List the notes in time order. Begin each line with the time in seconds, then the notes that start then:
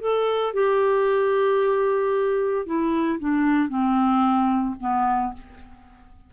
0.00 A4
0.53 G4
2.65 E4
3.19 D4
3.69 C4
4.80 B3